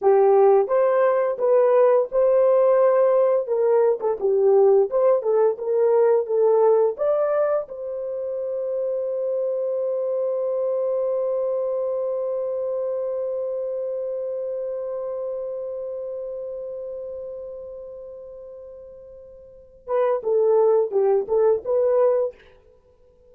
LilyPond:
\new Staff \with { instrumentName = "horn" } { \time 4/4 \tempo 4 = 86 g'4 c''4 b'4 c''4~ | c''4 ais'8. a'16 g'4 c''8 a'8 | ais'4 a'4 d''4 c''4~ | c''1~ |
c''1~ | c''1~ | c''1~ | c''8 b'8 a'4 g'8 a'8 b'4 | }